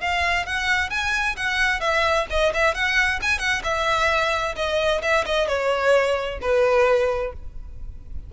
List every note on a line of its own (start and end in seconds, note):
0.00 0.46 F5
0.46 0.90 F#5
0.90 1.36 G#5
1.36 1.80 F#5
1.80 2.26 E5
2.30 2.53 D#5
2.54 2.74 E5
2.74 3.20 F#5
3.22 3.39 G#5
3.39 3.62 F#5
3.63 4.55 E5
4.55 5.01 D#5
5.02 5.25 E5
5.25 5.47 D#5
5.47 6.39 C#5
6.41 7.33 B4